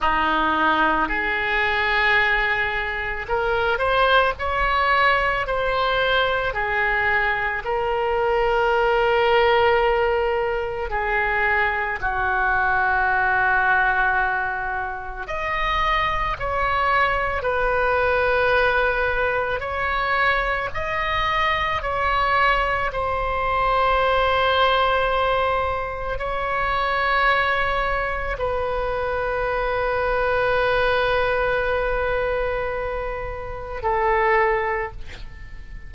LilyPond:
\new Staff \with { instrumentName = "oboe" } { \time 4/4 \tempo 4 = 55 dis'4 gis'2 ais'8 c''8 | cis''4 c''4 gis'4 ais'4~ | ais'2 gis'4 fis'4~ | fis'2 dis''4 cis''4 |
b'2 cis''4 dis''4 | cis''4 c''2. | cis''2 b'2~ | b'2. a'4 | }